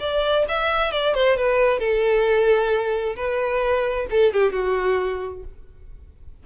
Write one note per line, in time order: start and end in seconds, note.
0.00 0.45 D5
0.49 0.92 E5
0.92 1.15 D5
1.15 1.37 C5
1.37 1.80 B4
1.80 3.16 A4
3.16 4.07 B4
4.11 4.34 A4
4.34 4.53 G4
4.53 5.44 F#4